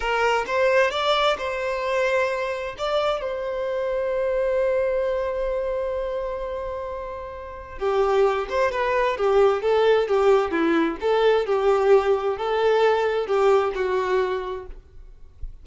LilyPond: \new Staff \with { instrumentName = "violin" } { \time 4/4 \tempo 4 = 131 ais'4 c''4 d''4 c''4~ | c''2 d''4 c''4~ | c''1~ | c''1~ |
c''4 g'4. c''8 b'4 | g'4 a'4 g'4 e'4 | a'4 g'2 a'4~ | a'4 g'4 fis'2 | }